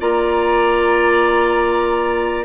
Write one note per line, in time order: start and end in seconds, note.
0.00 2.45 A#3
0.00 2.45 F4
0.00 2.45 D5
0.00 2.45 A#5